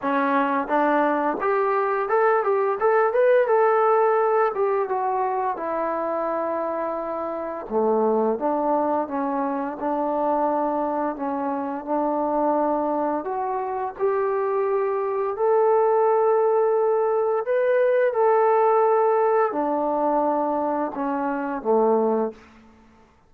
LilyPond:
\new Staff \with { instrumentName = "trombone" } { \time 4/4 \tempo 4 = 86 cis'4 d'4 g'4 a'8 g'8 | a'8 b'8 a'4. g'8 fis'4 | e'2. a4 | d'4 cis'4 d'2 |
cis'4 d'2 fis'4 | g'2 a'2~ | a'4 b'4 a'2 | d'2 cis'4 a4 | }